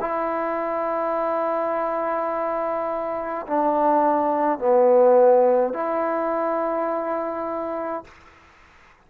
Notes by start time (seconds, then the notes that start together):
0.00 E4
3.47 D4
4.58 B3
5.73 E4